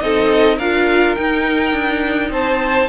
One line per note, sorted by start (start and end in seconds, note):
0.00 0.58 C4
0.00 0.58 D#4
0.00 0.57 A4
0.00 0.58 D#5
0.57 1.16 D4
0.57 1.17 F4
0.57 2.30 A#4
0.57 1.15 F5
1.15 2.88 D#4
1.15 1.72 D#4
1.15 2.30 G5
1.72 2.30 D4
2.30 2.88 C4
2.30 2.88 C5
2.30 2.88 A5